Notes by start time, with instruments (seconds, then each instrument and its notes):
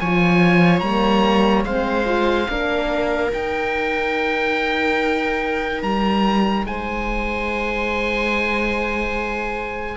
0.00 cello F3, horn F4, viola C#5, oboe G#5
0.80 cello G3, horn A#3, oboe A#5
1.65 cello G#3, horn C4, viola C5, oboe F5
2.05 horn F4
2.49 cello A#3, horn D4, viola A#4
3.33 horn D#4, cello D#4, oboe G5
5.83 cello G3, oboe A#5
6.65 cello G#3, viola C5, oboe G#5